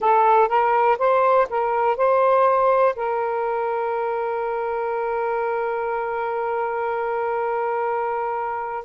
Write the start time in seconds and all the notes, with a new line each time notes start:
0.00 A4
0.48 A#4
0.98 C5
1.49 A#4
1.96 C5
2.95 A#4